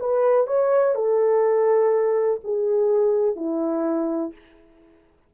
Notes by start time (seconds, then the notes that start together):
0.00 B4
0.47 C#5
0.95 A4
2.44 G#4
3.36 E4